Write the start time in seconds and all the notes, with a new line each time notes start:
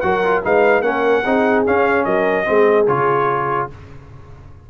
0.00 F#3 F#4 A#4 F#5
0.24 F4
0.43 G#3 D#4 B4 F5
0.81 A#3 C#4 A#4 F#5
1.24 C4 D#4 G#4
1.66 C#4 F5
2.04 F#3 A#4 D#5
2.44 G#3 C4 G#4
2.87 C#3 F4 C#5